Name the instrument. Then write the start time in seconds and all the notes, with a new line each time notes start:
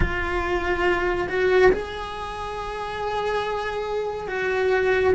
cello
0.00 F4
1.29 F#4
1.71 G#4
4.28 F#4